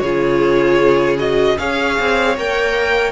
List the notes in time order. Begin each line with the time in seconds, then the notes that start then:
0.00 C#3 F4 G#4 C#5
1.17 F#4 D#5
1.58 C#4 G#4 C#5 F5
1.99 C4
2.37 A#3 A#4 G5